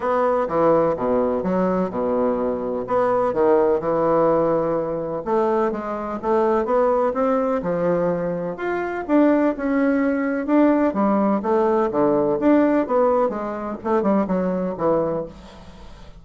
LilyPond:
\new Staff \with { instrumentName = "bassoon" } { \time 4/4 \tempo 4 = 126 b4 e4 b,4 fis4 | b,2 b4 dis4 | e2. a4 | gis4 a4 b4 c'4 |
f2 f'4 d'4 | cis'2 d'4 g4 | a4 d4 d'4 b4 | gis4 a8 g8 fis4 e4 | }